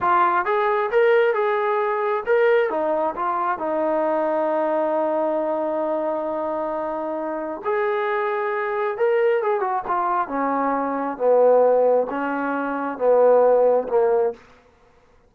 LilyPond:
\new Staff \with { instrumentName = "trombone" } { \time 4/4 \tempo 4 = 134 f'4 gis'4 ais'4 gis'4~ | gis'4 ais'4 dis'4 f'4 | dis'1~ | dis'1~ |
dis'4 gis'2. | ais'4 gis'8 fis'8 f'4 cis'4~ | cis'4 b2 cis'4~ | cis'4 b2 ais4 | }